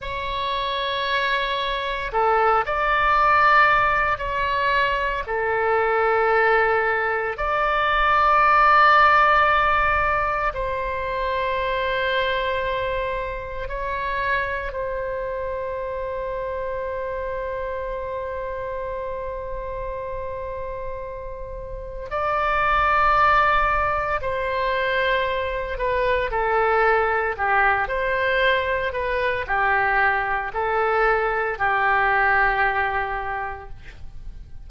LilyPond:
\new Staff \with { instrumentName = "oboe" } { \time 4/4 \tempo 4 = 57 cis''2 a'8 d''4. | cis''4 a'2 d''4~ | d''2 c''2~ | c''4 cis''4 c''2~ |
c''1~ | c''4 d''2 c''4~ | c''8 b'8 a'4 g'8 c''4 b'8 | g'4 a'4 g'2 | }